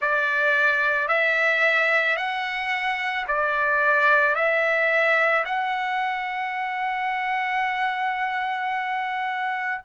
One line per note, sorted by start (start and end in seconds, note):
0.00 1.08 D5
1.08 2.16 E5
2.16 3.25 F#5
3.27 4.35 D5
4.35 5.44 E5
5.45 9.81 F#5